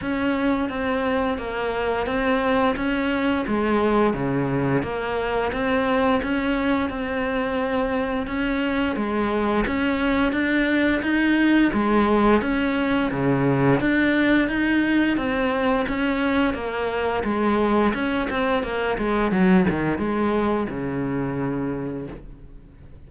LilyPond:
\new Staff \with { instrumentName = "cello" } { \time 4/4 \tempo 4 = 87 cis'4 c'4 ais4 c'4 | cis'4 gis4 cis4 ais4 | c'4 cis'4 c'2 | cis'4 gis4 cis'4 d'4 |
dis'4 gis4 cis'4 cis4 | d'4 dis'4 c'4 cis'4 | ais4 gis4 cis'8 c'8 ais8 gis8 | fis8 dis8 gis4 cis2 | }